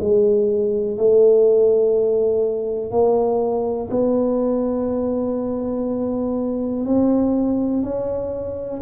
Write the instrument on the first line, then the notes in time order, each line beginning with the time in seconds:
tuba
0.00 G#3
0.97 A3
2.91 A#3
3.91 B3
6.86 C4
7.83 C#4